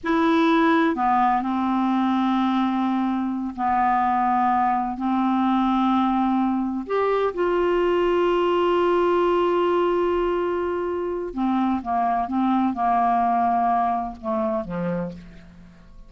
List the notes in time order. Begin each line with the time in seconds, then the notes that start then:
0.03 E4
0.95 B3
1.42 C4
3.56 B3
4.97 C4
6.86 G4
7.34 F4
11.33 C4
11.82 A#3
12.27 C4
12.73 A#3
14.20 A3
14.64 F3